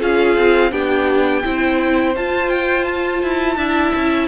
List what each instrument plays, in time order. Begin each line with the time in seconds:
0.00 cello C#4, viola F4, violin G#4 F5
0.36 cello C4
0.71 cello B3, viola D4, violin G4 G5
1.44 cello C4, viola E4, violin C5
2.16 viola F4, cello F4, violin A5
2.49 violin G5
2.84 violin A5
3.23 cello E4
3.56 cello D4, viola E4, violin E5
3.95 cello C#4